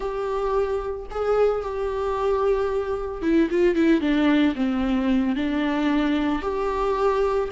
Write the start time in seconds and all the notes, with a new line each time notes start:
0.00 G4
1.10 G#4
1.61 G4
3.22 E4
3.50 F4
3.75 E4
4.00 D4
4.55 C4
5.35 D4
6.42 G4